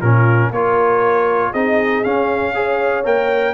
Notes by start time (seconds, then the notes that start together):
0.00 A#2 C#4 F4 A#4
0.50 A#3 F4 A#4 C#5
1.51 C4 D#4 G#4 D#5
2.03 C#4 F5
2.54 G#4 C#5
3.04 A#3 A#4 G5